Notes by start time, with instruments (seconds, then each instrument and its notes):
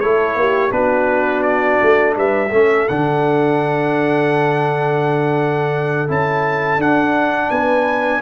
0.00 tuba A3, trombone E4, horn A4, trumpet C#5
0.35 tuba A#3, horn G4
0.71 tuba B3, trombone D4, horn F#4, trumpet B4
1.42 trumpet D5
1.82 tuba A3
2.16 tuba G3, horn B4, trumpet E5
2.49 tuba A3, trombone C#4, horn A4
2.88 tuba D3, trombone D4, trumpet F#5
6.08 tuba C#4, trombone E4, trumpet A5
6.78 tuba D4, trombone D4, trumpet F#5
7.49 tuba B3, horn B4, trumpet G#5